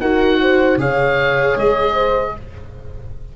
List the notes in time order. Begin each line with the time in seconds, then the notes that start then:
0.00 D#4 F#4 A#4 F#5
0.42 C5
0.77 C#3 G#4 C#5 F5
1.56 G#3 D#5
1.94 C5